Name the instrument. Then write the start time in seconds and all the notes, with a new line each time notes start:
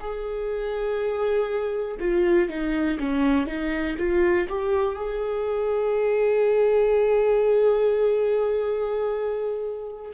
viola
0.00 G#4
1.99 F4
2.49 D#4
2.99 C#4
3.46 D#4
3.98 F4
4.48 G4
4.95 G#4